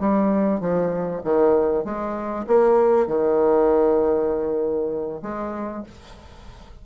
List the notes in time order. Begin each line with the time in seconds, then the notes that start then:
0.00 G3
0.61 F3
1.24 D#3
1.85 G#3
2.47 A#3
3.07 D#3
5.23 G#3